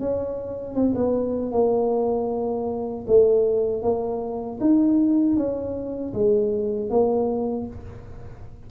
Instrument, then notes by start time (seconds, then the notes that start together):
tuba
0.00 C#4
0.75 C4
0.95 B3
1.52 A#3
3.08 A3
3.83 A#3
4.60 D#4
5.36 C#4
6.14 G#3
6.90 A#3